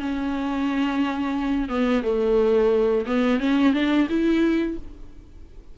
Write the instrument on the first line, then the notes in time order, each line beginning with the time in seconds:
viola
0.00 C#4
1.69 B3
2.03 A3
3.06 B3
3.40 C#4
3.73 D4
4.09 E4